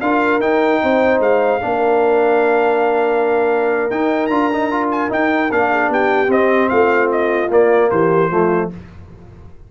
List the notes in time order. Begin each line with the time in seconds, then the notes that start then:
0.00 D4 F4 A#4 F5
0.39 D#4 G5
0.82 C4 C5
1.19 G#3 F5
1.60 A#3 D4 A#4
3.91 D#4 G5
4.26 D4 F4 A#5
4.53 D#4
4.71 F4
4.91 G#5
5.09 D#4 G5
5.51 A#3 D4 F5
5.70 G#4
5.88 B3 G4 G5
6.27 C4 D#5
6.69 A3 F4 F5
7.11 D#5
7.50 A#3 D5
7.90 E3 G4 C5
8.30 F3 A3 F4